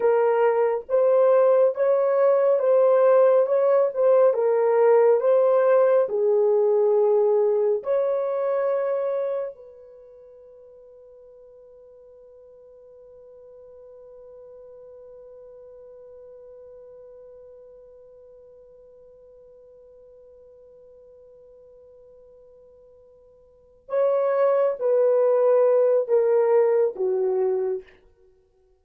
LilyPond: \new Staff \with { instrumentName = "horn" } { \time 4/4 \tempo 4 = 69 ais'4 c''4 cis''4 c''4 | cis''8 c''8 ais'4 c''4 gis'4~ | gis'4 cis''2 b'4~ | b'1~ |
b'1~ | b'1~ | b'2.~ b'8 cis''8~ | cis''8 b'4. ais'4 fis'4 | }